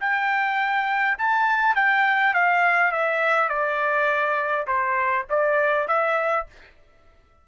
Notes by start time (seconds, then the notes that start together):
0.00 G5
1.18 A5
1.75 G5
2.33 F5
2.91 E5
3.48 D5
4.67 C5
5.29 D5
5.87 E5